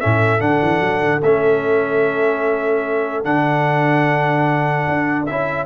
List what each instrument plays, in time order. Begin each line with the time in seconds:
0.00 tuba A2, trombone C#4, horn A4, trumpet E5
0.39 tuba D3, trombone D4, trumpet F#5
0.62 tuba E3
0.80 tuba F#3
1.00 tuba D3
1.22 tuba A3, trombone C#4, trumpet E5
3.24 tuba D3, trombone D4, trumpet F#5
4.89 tuba D4
5.26 tuba C#4, trombone E4, trumpet E5